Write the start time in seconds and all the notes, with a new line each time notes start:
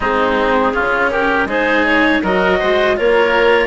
0.00 G#3 C4 D#4 G#4
0.73 C#3 C#4 F4
1.10 G4 A#4
1.44 G#3 D#4 G#4 C5
1.85 C#5
2.22 F#3 F#4 A#4 D#5
2.59 G#3 C5
2.96 A#3 F4 A#4 C#5